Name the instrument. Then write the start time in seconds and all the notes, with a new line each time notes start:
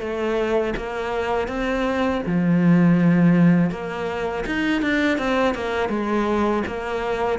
cello
0.00 A3
0.77 A#3
1.48 C4
2.27 F3
3.71 A#3
4.47 D#4
4.82 D4
5.19 C4
5.55 A#3
5.90 G#3
6.67 A#3